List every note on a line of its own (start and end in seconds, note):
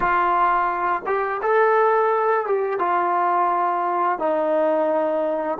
0.00 1.02 F4
1.06 1.41 G4
1.42 2.46 A4
2.46 2.79 G4
2.79 4.18 F4
4.18 5.58 D#4